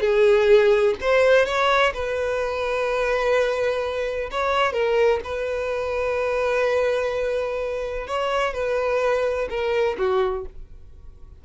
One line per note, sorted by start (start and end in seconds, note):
0.00 0.94 G#4
1.01 1.45 C5
1.45 1.93 C#5
1.93 4.30 B4
4.31 4.72 C#5
4.72 5.20 A#4
5.24 8.07 B4
8.07 8.53 C#5
8.53 9.48 B4
9.49 9.96 A#4
9.98 10.45 F#4